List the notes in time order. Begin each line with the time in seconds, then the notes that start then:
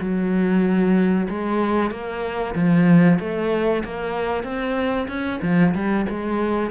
0.00 F#3
1.29 G#3
1.90 A#3
2.55 F3
3.19 A3
3.84 A#3
4.43 C4
5.08 C#4
5.42 F3
5.74 G3
6.10 G#3